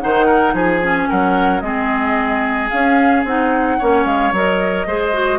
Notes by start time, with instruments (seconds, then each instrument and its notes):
0.00 bassoon D#3, clarinet D#4, oboe C5, flute F#5
0.26 oboe A#4
0.53 bassoon F3, oboe G#4, flute G#5
0.82 clarinet C#4
1.09 bassoon F#3, oboe A#4, flute F#5
1.61 bassoon G#3, clarinet C4, oboe G#4, flute D#5
2.70 clarinet C#4, bassoon C#4, flute F5
3.25 bassoon C4, clarinet D#4, flute F#5
3.79 bassoon A#3, clarinet C#4, oboe C#5
4.05 bassoon G#3, flute F5
4.32 bassoon F#3, clarinet A#4, flute D#5
4.87 bassoon G#3, clarinet G#4, oboe C5
5.14 clarinet F#4